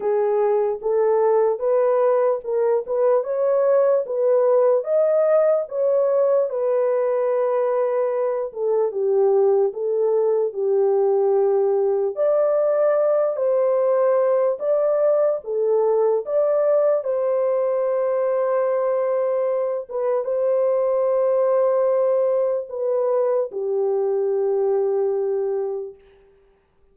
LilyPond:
\new Staff \with { instrumentName = "horn" } { \time 4/4 \tempo 4 = 74 gis'4 a'4 b'4 ais'8 b'8 | cis''4 b'4 dis''4 cis''4 | b'2~ b'8 a'8 g'4 | a'4 g'2 d''4~ |
d''8 c''4. d''4 a'4 | d''4 c''2.~ | c''8 b'8 c''2. | b'4 g'2. | }